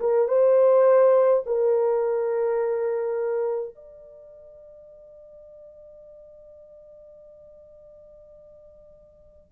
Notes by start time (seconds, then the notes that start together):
0.00 A#4
0.28 C5
1.46 A#4
3.75 D5